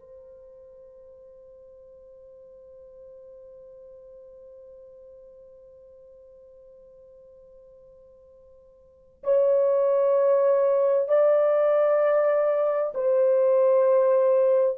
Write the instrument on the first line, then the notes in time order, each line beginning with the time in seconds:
horn
0.00 C5
9.24 C#5
11.09 D5
12.95 C5